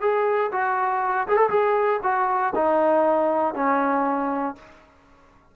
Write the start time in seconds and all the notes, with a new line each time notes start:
0.00 G#4
0.51 F#4
1.27 G#4
1.37 A4
1.49 G#4
2.03 F#4
2.54 D#4
3.54 C#4